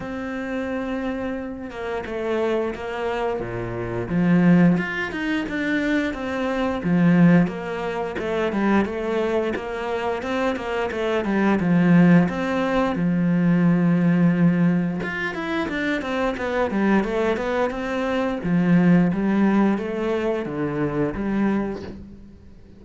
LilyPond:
\new Staff \with { instrumentName = "cello" } { \time 4/4 \tempo 4 = 88 c'2~ c'8 ais8 a4 | ais4 ais,4 f4 f'8 dis'8 | d'4 c'4 f4 ais4 | a8 g8 a4 ais4 c'8 ais8 |
a8 g8 f4 c'4 f4~ | f2 f'8 e'8 d'8 c'8 | b8 g8 a8 b8 c'4 f4 | g4 a4 d4 g4 | }